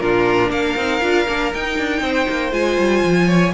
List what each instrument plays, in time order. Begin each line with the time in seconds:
0.00 cello A#2, viola D4, violin F4 A#4
0.49 cello A#3, violin A#4 F5
0.76 cello C4, viola D#4
1.01 cello D4, viola F4
1.28 cello A#3, viola D4
1.54 viola D#4, cello D#4, violin G5
1.78 cello D4
2.01 cello C4, violin C5
2.29 cello A#3
2.51 cello G#3, viola F4, violin G#5
2.78 cello G3
3.04 cello F3
3.27 violin C#5